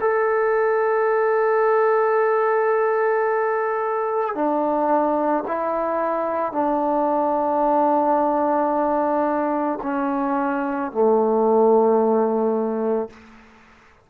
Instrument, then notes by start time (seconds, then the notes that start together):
trombone
0.00 A4
4.35 D4
5.47 E4
6.52 D4
9.82 C#4
10.91 A3